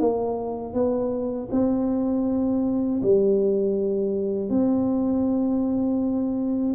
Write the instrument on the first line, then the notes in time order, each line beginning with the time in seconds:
tuba
0.00 A#3
0.74 B3
1.51 C4
3.02 G3
4.49 C4